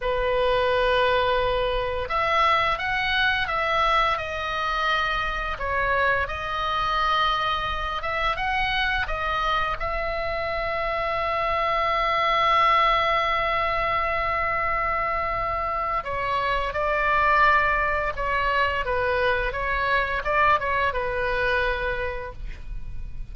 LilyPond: \new Staff \with { instrumentName = "oboe" } { \time 4/4 \tempo 4 = 86 b'2. e''4 | fis''4 e''4 dis''2 | cis''4 dis''2~ dis''8 e''8 | fis''4 dis''4 e''2~ |
e''1~ | e''2. cis''4 | d''2 cis''4 b'4 | cis''4 d''8 cis''8 b'2 | }